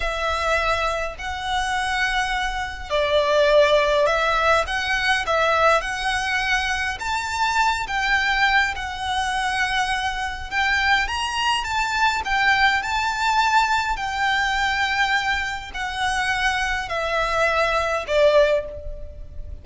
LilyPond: \new Staff \with { instrumentName = "violin" } { \time 4/4 \tempo 4 = 103 e''2 fis''2~ | fis''4 d''2 e''4 | fis''4 e''4 fis''2 | a''4. g''4. fis''4~ |
fis''2 g''4 ais''4 | a''4 g''4 a''2 | g''2. fis''4~ | fis''4 e''2 d''4 | }